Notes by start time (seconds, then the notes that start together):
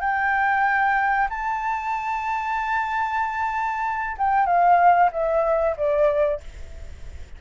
0.00 G5
1.29 A5
4.17 G5
4.46 F5
5.12 E5
5.76 D5